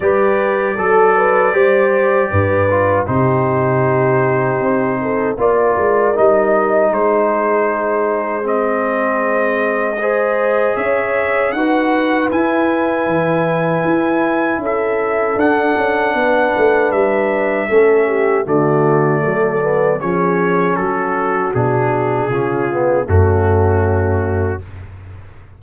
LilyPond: <<
  \new Staff \with { instrumentName = "trumpet" } { \time 4/4 \tempo 4 = 78 d''1 | c''2. d''4 | dis''4 c''2 dis''4~ | dis''2 e''4 fis''4 |
gis''2. e''4 | fis''2 e''2 | d''2 cis''4 a'4 | gis'2 fis'2 | }
  \new Staff \with { instrumentName = "horn" } { \time 4/4 b'4 a'8 b'8 c''4 b'4 | g'2~ g'8 a'8 ais'4~ | ais'4 gis'2.~ | gis'4 c''4 cis''4 b'4~ |
b'2. a'4~ | a'4 b'2 a'8 g'8 | fis'4 a'4 gis'4 fis'4~ | fis'4 f'4 cis'2 | }
  \new Staff \with { instrumentName = "trombone" } { \time 4/4 g'4 a'4 g'4. f'8 | dis'2. f'4 | dis'2. c'4~ | c'4 gis'2 fis'4 |
e'1 | d'2. cis'4 | a4. b8 cis'2 | d'4 cis'8 b8 a2 | }
  \new Staff \with { instrumentName = "tuba" } { \time 4/4 g4 fis4 g4 g,4 | c2 c'4 ais8 gis8 | g4 gis2.~ | gis2 cis'4 dis'4 |
e'4 e4 e'4 cis'4 | d'8 cis'8 b8 a8 g4 a4 | d4 fis4 f4 fis4 | b,4 cis4 fis,2 | }
>>